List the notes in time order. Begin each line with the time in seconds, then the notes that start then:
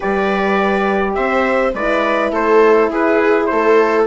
0.00 G3 G4 B4 D5
1.14 C4 C5 E5
1.73 G#3 E4 B4 D5
2.30 A3 A4 C5
2.89 E4 G#4 B4
3.46 A3 A4 C5